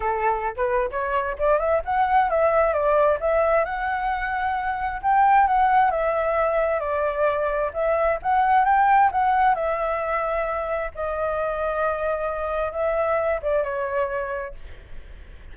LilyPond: \new Staff \with { instrumentName = "flute" } { \time 4/4 \tempo 4 = 132 a'4~ a'16 b'8. cis''4 d''8 e''8 | fis''4 e''4 d''4 e''4 | fis''2. g''4 | fis''4 e''2 d''4~ |
d''4 e''4 fis''4 g''4 | fis''4 e''2. | dis''1 | e''4. d''8 cis''2 | }